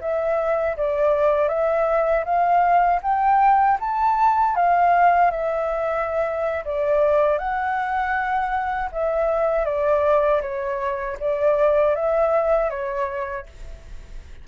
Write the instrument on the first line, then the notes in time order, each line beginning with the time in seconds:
flute
0.00 E5
0.76 D5
1.48 E5
2.24 F5
3.02 G5
3.79 A5
4.55 F5
5.31 E5
6.65 D5
7.38 F#5
8.92 E5
9.65 D5
10.41 C#5
11.19 D5
11.95 E5
12.70 C#5